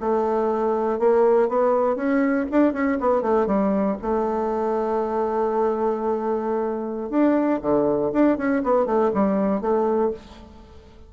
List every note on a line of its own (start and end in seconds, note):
0.00 0.99 A3
0.99 1.48 A#3
1.48 1.96 B3
1.96 2.46 C#4
2.51 2.73 D4
2.73 2.97 C#4
3.00 3.22 B3
3.22 3.46 A3
3.46 3.96 G3
4.01 7.10 A3
7.10 7.60 D4
7.61 8.11 D3
8.12 8.37 D4
8.37 8.62 C#4
8.63 8.86 B3
8.86 9.11 A3
9.14 9.61 G3
9.61 10.11 A3